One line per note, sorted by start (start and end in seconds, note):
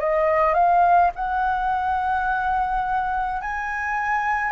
0.00 0.54 D#5
0.54 1.11 F5
1.15 3.41 F#5
3.41 4.52 G#5